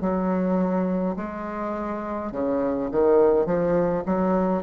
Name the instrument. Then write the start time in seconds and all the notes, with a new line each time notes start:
bassoon
0.00 F#3
1.16 G#3
2.31 C#3
2.91 D#3
3.45 F3
4.05 F#3